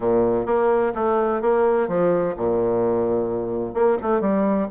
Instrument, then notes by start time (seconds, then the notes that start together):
bassoon
0.00 A#2
0.46 A#3
0.94 A3
1.41 A#3
1.87 F3
2.37 A#2
3.74 A#3
4.02 A3
4.20 G3